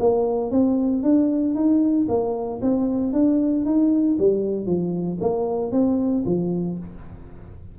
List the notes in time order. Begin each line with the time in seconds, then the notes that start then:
0.00 A#3
0.51 C4
1.03 D4
1.55 D#4
2.09 A#3
2.62 C4
3.13 D4
3.65 D#4
4.19 G3
4.66 F3
5.21 A#3
5.72 C4
6.26 F3